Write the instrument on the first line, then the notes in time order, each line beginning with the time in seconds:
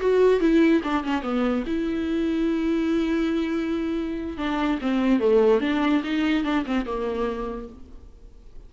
viola
0.00 F#4
0.40 E4
0.83 D4
1.04 C#4
1.22 B3
1.67 E4
4.37 D4
4.82 C4
5.20 A3
5.61 D4
6.04 D#4
6.44 D4
6.66 C4
6.86 A#3